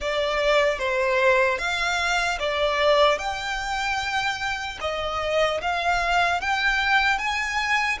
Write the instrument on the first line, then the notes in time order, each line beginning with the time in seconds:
violin
0.00 D5
0.78 C5
1.58 F5
2.39 D5
3.18 G5
4.80 D#5
5.61 F5
6.40 G5
7.18 G#5